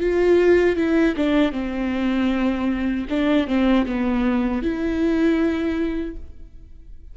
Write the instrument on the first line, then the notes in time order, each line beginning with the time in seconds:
viola
0.00 F4
0.76 E4
1.16 D4
1.52 C4
3.09 D4
3.47 C4
3.86 B3
4.62 E4